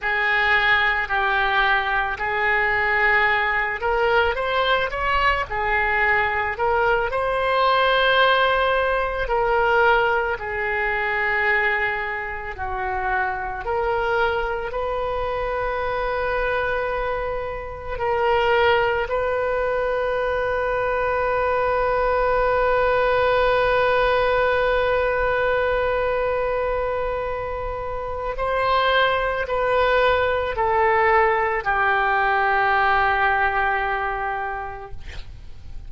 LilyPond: \new Staff \with { instrumentName = "oboe" } { \time 4/4 \tempo 4 = 55 gis'4 g'4 gis'4. ais'8 | c''8 cis''8 gis'4 ais'8 c''4.~ | c''8 ais'4 gis'2 fis'8~ | fis'8 ais'4 b'2~ b'8~ |
b'8 ais'4 b'2~ b'8~ | b'1~ | b'2 c''4 b'4 | a'4 g'2. | }